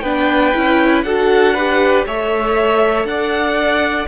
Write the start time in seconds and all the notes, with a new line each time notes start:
0.00 B3 D4 B4 G5
0.54 C#4 E4
1.03 D4 F#4 A4 F#5
1.54 G4 B4
2.06 A3 A4 C#5 E5
3.04 D4 D5 F#5